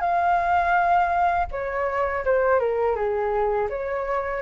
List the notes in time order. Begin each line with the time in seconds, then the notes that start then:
0.00 F5
1.51 C#5
2.25 C5
2.59 A#4
2.95 G#4
3.69 C#5